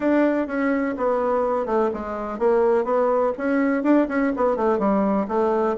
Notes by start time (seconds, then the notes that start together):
0.00 D4
0.47 C#4
0.97 B3
1.66 A3
1.93 G#3
2.39 A#3
2.84 B3
3.37 C#4
3.83 D4
4.08 C#4
4.36 B3
4.56 A3
4.78 G3
5.28 A3